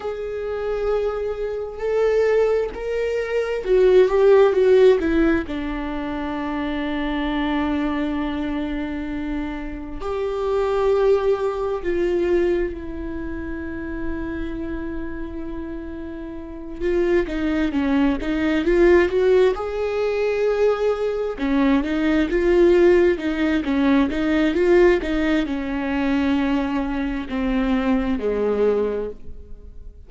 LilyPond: \new Staff \with { instrumentName = "viola" } { \time 4/4 \tempo 4 = 66 gis'2 a'4 ais'4 | fis'8 g'8 fis'8 e'8 d'2~ | d'2. g'4~ | g'4 f'4 e'2~ |
e'2~ e'8 f'8 dis'8 cis'8 | dis'8 f'8 fis'8 gis'2 cis'8 | dis'8 f'4 dis'8 cis'8 dis'8 f'8 dis'8 | cis'2 c'4 gis4 | }